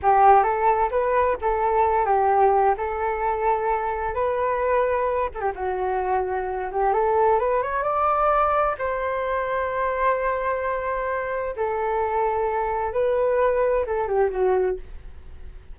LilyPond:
\new Staff \with { instrumentName = "flute" } { \time 4/4 \tempo 4 = 130 g'4 a'4 b'4 a'4~ | a'8 g'4. a'2~ | a'4 b'2~ b'8 a'16 g'16 | fis'2~ fis'8 g'8 a'4 |
b'8 cis''8 d''2 c''4~ | c''1~ | c''4 a'2. | b'2 a'8 g'8 fis'4 | }